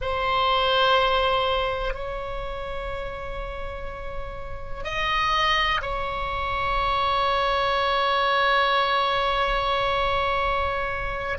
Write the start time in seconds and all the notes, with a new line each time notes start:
0.00 C5
1.94 C#5
4.83 D#5
5.81 C#5